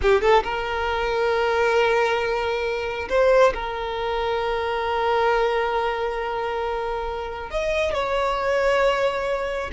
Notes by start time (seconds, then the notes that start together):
0.02 G4
0.21 A4
0.43 A#4
3.09 C5
3.53 A#4
7.50 D#5
7.93 C#5